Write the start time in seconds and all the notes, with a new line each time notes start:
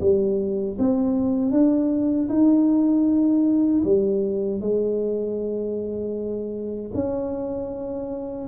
0.00 G3
0.78 C4
1.51 D4
2.29 D#4
3.84 G3
4.60 G#3
6.94 C#4